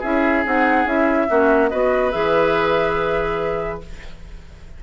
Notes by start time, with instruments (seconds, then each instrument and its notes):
0.00 bassoon C#4, clarinet E4, oboe G#4, flute E5
0.45 bassoon C4, clarinet D#4, flute F#5
0.85 bassoon C#4, clarinet E4, flute E5
1.28 bassoon A#3, clarinet C#4, oboe F#4
1.69 bassoon B3, clarinet F#4, oboe B4, flute D#5
2.12 bassoon E3, clarinet G#4, flute E5